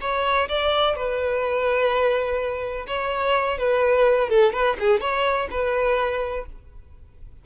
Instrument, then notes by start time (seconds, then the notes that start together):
violin
0.00 C#5
0.48 D5
0.95 B4
2.87 C#5
3.58 B4
4.29 A4
4.53 B4
4.79 G#4
5.00 C#5
5.50 B4